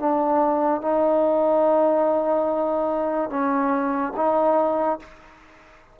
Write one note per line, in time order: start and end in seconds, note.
0.00 0.82 D4
0.82 3.30 D#4
3.30 4.14 C#4
4.17 5.00 D#4